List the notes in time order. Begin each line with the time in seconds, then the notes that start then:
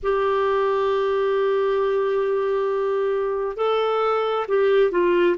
0.02 G4
3.56 A4
4.48 G4
4.91 F4